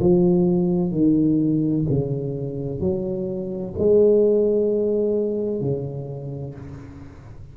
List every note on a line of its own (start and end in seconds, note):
0.00 0.91 F3
0.91 1.85 D#3
1.89 2.80 C#3
2.80 3.74 F#3
3.78 5.61 G#3
5.61 6.55 C#3